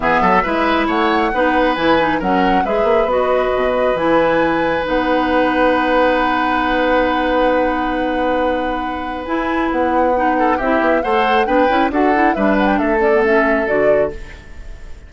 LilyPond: <<
  \new Staff \with { instrumentName = "flute" } { \time 4/4 \tempo 4 = 136 e''2 fis''2 | gis''4 fis''4 e''4 dis''4~ | dis''4 gis''2 fis''4~ | fis''1~ |
fis''1~ | fis''4 gis''4 fis''2 | e''4 fis''4 g''4 fis''4 | e''8 fis''16 g''16 e''8 d''8 e''4 d''4 | }
  \new Staff \with { instrumentName = "oboe" } { \time 4/4 gis'8 a'8 b'4 cis''4 b'4~ | b'4 ais'4 b'2~ | b'1~ | b'1~ |
b'1~ | b'2.~ b'8 a'8 | g'4 c''4 b'4 a'4 | b'4 a'2. | }
  \new Staff \with { instrumentName = "clarinet" } { \time 4/4 b4 e'2 dis'4 | e'8 dis'8 cis'4 gis'4 fis'4~ | fis'4 e'2 dis'4~ | dis'1~ |
dis'1~ | dis'4 e'2 dis'4 | e'4 a'4 d'8 e'8 fis'8 e'8 | d'4. cis'16 b16 cis'4 fis'4 | }
  \new Staff \with { instrumentName = "bassoon" } { \time 4/4 e8 fis8 gis4 a4 b4 | e4 fis4 gis8 ais8 b4 | b,4 e2 b4~ | b1~ |
b1~ | b4 e'4 b2 | c'8 b8 a4 b8 cis'8 d'4 | g4 a2 d4 | }
>>